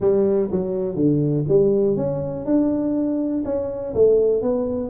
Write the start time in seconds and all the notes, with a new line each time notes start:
0.00 G3
0.51 F#3
0.95 D3
1.48 G3
1.96 C#4
2.45 D4
3.44 C#4
3.94 A3
4.42 B3